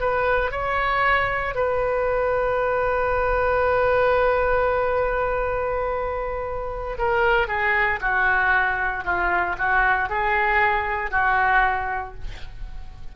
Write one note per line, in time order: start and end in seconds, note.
0.00 0.51 B4
0.51 1.54 C#5
1.54 6.97 B4
6.98 7.48 A#4
7.48 7.99 G#4
8.01 9.04 F#4
9.04 9.56 F4
9.58 10.09 F#4
10.09 11.11 G#4
11.11 12.14 F#4